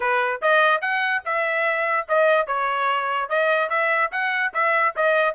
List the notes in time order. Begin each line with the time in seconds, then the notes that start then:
0.00 B4
0.41 D#5
0.81 F#5
1.25 E5
2.08 D#5
2.47 C#5
3.29 D#5
3.69 E5
4.11 F#5
4.53 E5
4.95 D#5